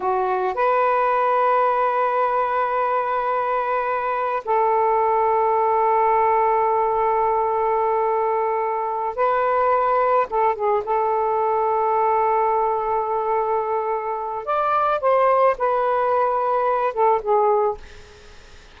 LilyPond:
\new Staff \with { instrumentName = "saxophone" } { \time 4/4 \tempo 4 = 108 fis'4 b'2.~ | b'1 | a'1~ | a'1~ |
a'8 b'2 a'8 gis'8 a'8~ | a'1~ | a'2 d''4 c''4 | b'2~ b'8 a'8 gis'4 | }